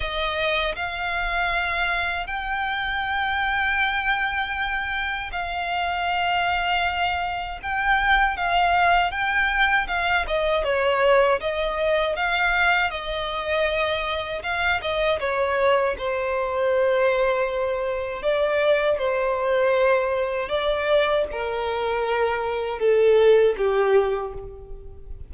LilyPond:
\new Staff \with { instrumentName = "violin" } { \time 4/4 \tempo 4 = 79 dis''4 f''2 g''4~ | g''2. f''4~ | f''2 g''4 f''4 | g''4 f''8 dis''8 cis''4 dis''4 |
f''4 dis''2 f''8 dis''8 | cis''4 c''2. | d''4 c''2 d''4 | ais'2 a'4 g'4 | }